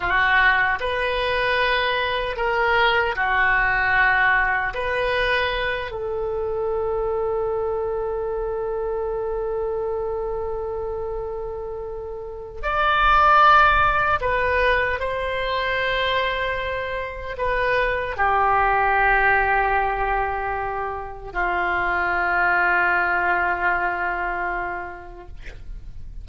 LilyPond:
\new Staff \with { instrumentName = "oboe" } { \time 4/4 \tempo 4 = 76 fis'4 b'2 ais'4 | fis'2 b'4. a'8~ | a'1~ | a'1 |
d''2 b'4 c''4~ | c''2 b'4 g'4~ | g'2. f'4~ | f'1 | }